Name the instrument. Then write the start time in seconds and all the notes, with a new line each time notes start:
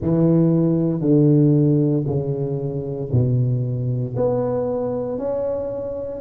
tuba
0.01 E3
1.00 D3
2.06 C#3
3.11 B2
4.16 B3
5.18 C#4